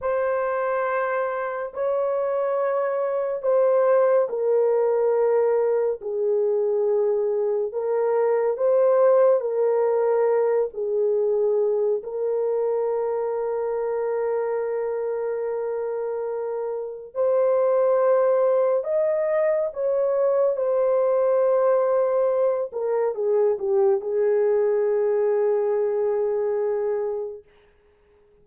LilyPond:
\new Staff \with { instrumentName = "horn" } { \time 4/4 \tempo 4 = 70 c''2 cis''2 | c''4 ais'2 gis'4~ | gis'4 ais'4 c''4 ais'4~ | ais'8 gis'4. ais'2~ |
ais'1 | c''2 dis''4 cis''4 | c''2~ c''8 ais'8 gis'8 g'8 | gis'1 | }